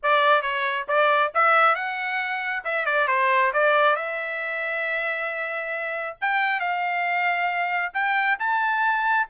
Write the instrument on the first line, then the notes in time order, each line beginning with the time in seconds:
trumpet
0.02 D5
0.42 C#5
0.88 D5
1.34 E5
1.75 F#5
2.64 E5
2.85 D5
3.07 C5
3.53 D5
3.96 E5
6.21 G5
6.60 F5
7.93 G5
8.39 A5